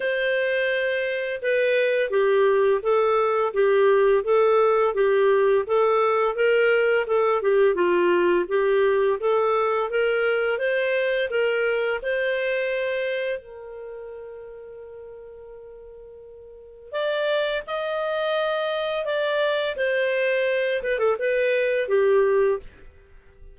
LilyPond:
\new Staff \with { instrumentName = "clarinet" } { \time 4/4 \tempo 4 = 85 c''2 b'4 g'4 | a'4 g'4 a'4 g'4 | a'4 ais'4 a'8 g'8 f'4 | g'4 a'4 ais'4 c''4 |
ais'4 c''2 ais'4~ | ais'1 | d''4 dis''2 d''4 | c''4. b'16 a'16 b'4 g'4 | }